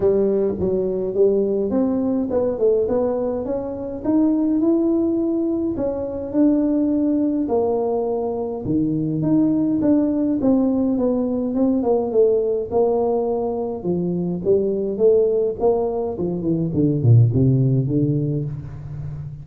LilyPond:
\new Staff \with { instrumentName = "tuba" } { \time 4/4 \tempo 4 = 104 g4 fis4 g4 c'4 | b8 a8 b4 cis'4 dis'4 | e'2 cis'4 d'4~ | d'4 ais2 dis4 |
dis'4 d'4 c'4 b4 | c'8 ais8 a4 ais2 | f4 g4 a4 ais4 | f8 e8 d8 ais,8 c4 d4 | }